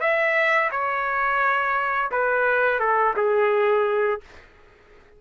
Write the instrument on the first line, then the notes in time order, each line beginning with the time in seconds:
trumpet
0.00 E5
0.71 C#5
2.11 B4
2.79 A4
3.16 G#4